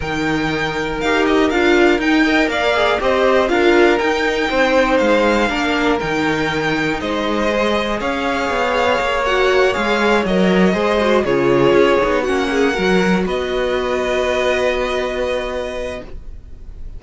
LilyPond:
<<
  \new Staff \with { instrumentName = "violin" } { \time 4/4 \tempo 4 = 120 g''2 f''8 dis''8 f''4 | g''4 f''4 dis''4 f''4 | g''2 f''2 | g''2 dis''2 |
f''2~ f''8 fis''4 f''8~ | f''8 dis''2 cis''4.~ | cis''8 fis''2 dis''4.~ | dis''1 | }
  \new Staff \with { instrumentName = "violin" } { \time 4/4 ais'1~ | ais'8 dis''8 d''4 c''4 ais'4~ | ais'4 c''2 ais'4~ | ais'2 c''2 |
cis''1~ | cis''4. c''4 gis'4.~ | gis'8 fis'8 gis'8 ais'4 b'4.~ | b'1 | }
  \new Staff \with { instrumentName = "viola" } { \time 4/4 dis'2 g'4 f'4 | dis'8 ais'4 gis'8 g'4 f'4 | dis'2. d'4 | dis'2. gis'4~ |
gis'2~ gis'8 fis'4 gis'8~ | gis'8 ais'4 gis'8 fis'8 f'4. | dis'8 cis'4 fis'2~ fis'8~ | fis'1 | }
  \new Staff \with { instrumentName = "cello" } { \time 4/4 dis2 dis'4 d'4 | dis'4 ais4 c'4 d'4 | dis'4 c'4 gis4 ais4 | dis2 gis2 |
cis'4 b4 ais4. gis8~ | gis8 fis4 gis4 cis4 cis'8 | b8 ais4 fis4 b4.~ | b1 | }
>>